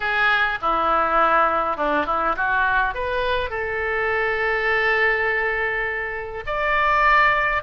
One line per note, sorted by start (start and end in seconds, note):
0.00 0.58 G#4
0.61 1.76 E4
1.76 2.06 D4
2.06 2.35 E4
2.36 2.94 F#4
2.94 3.49 B4
3.49 6.44 A4
6.46 7.62 D5